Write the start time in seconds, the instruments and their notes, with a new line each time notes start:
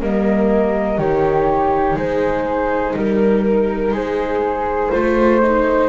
0.00 double bass G3, viola A#3, flute A#4 D#5
0.98 double bass D#3, viola D#4, flute G4 C#5
1.95 double bass G#3, flute G#4 C5
2.96 double bass G3, flute A#4
3.92 double bass G#3, flute G#4 C5
4.91 double bass A3, viola F4, flute C5
5.43 viola D#4